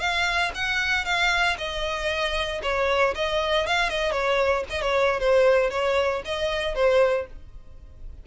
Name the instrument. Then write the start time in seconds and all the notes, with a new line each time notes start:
violin
0.00 F5
0.55 F#5
1.05 F5
1.58 D#5
2.63 C#5
3.15 D#5
3.67 F5
3.89 D#5
4.12 C#5
4.70 D#5
4.82 C#5
5.20 C5
5.70 C#5
6.25 D#5
6.75 C5